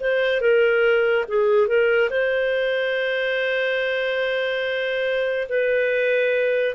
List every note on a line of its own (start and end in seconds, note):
0.00 0.41 C5
0.41 1.25 A#4
1.28 1.67 G#4
1.67 2.10 A#4
2.10 5.48 C5
5.49 6.75 B4